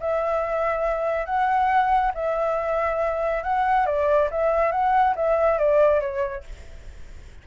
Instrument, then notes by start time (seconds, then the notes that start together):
flute
0.00 E5
1.26 F#5
2.14 E5
3.43 F#5
3.86 D5
4.31 E5
4.72 F#5
5.16 E5
5.58 D5
6.01 C#5